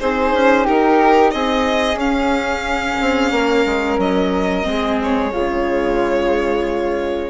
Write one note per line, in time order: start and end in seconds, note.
0.00 0.33 C4
0.00 1.99 D#4
0.00 0.65 G#4
0.00 0.67 C5
0.33 0.66 C#4
0.65 1.34 D#4
0.65 1.32 G4
0.65 1.31 A#4
1.31 1.95 C4
1.31 3.34 G#4
1.31 1.98 D#5
1.95 2.95 C#4
1.95 4.63 C#4
1.95 4.00 F5
3.01 3.32 C4
3.32 3.65 A#3
3.32 4.68 A#4
3.65 3.98 G#3
3.98 4.65 F#3
3.98 5.00 D#5
4.63 5.32 G#3
4.63 5.30 C4
4.63 5.32 G#4
5.03 7.30 C#5
5.32 7.30 C#3
5.32 7.30 G#3
5.32 7.30 F4